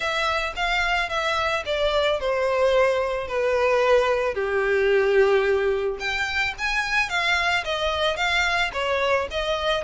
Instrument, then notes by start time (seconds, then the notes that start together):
violin
0.00 E5
0.56 F5
1.09 E5
1.65 D5
2.20 C5
3.27 B4
4.34 G4
5.99 G5
6.58 G#5
7.09 F5
7.64 D#5
8.16 F5
8.73 C#5
9.30 D#5